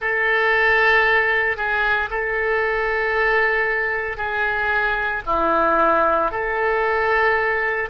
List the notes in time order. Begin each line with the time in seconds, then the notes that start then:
0.00 A4
1.56 G#4
2.10 A4
4.17 G#4
5.26 E4
6.31 A4